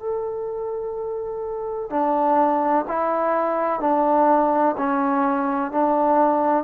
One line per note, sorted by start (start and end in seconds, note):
0.00 1.90 A4
1.90 2.85 D4
2.88 3.81 E4
3.81 4.76 D4
4.78 5.71 C#4
5.71 6.65 D4